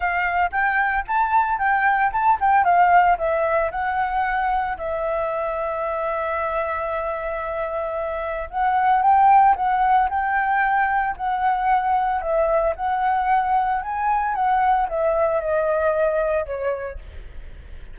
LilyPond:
\new Staff \with { instrumentName = "flute" } { \time 4/4 \tempo 4 = 113 f''4 g''4 a''4 g''4 | a''8 g''8 f''4 e''4 fis''4~ | fis''4 e''2.~ | e''1 |
fis''4 g''4 fis''4 g''4~ | g''4 fis''2 e''4 | fis''2 gis''4 fis''4 | e''4 dis''2 cis''4 | }